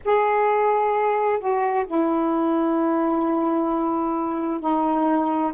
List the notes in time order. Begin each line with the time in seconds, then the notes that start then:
0.05 G#4
1.39 F#4
1.86 E4
4.60 D#4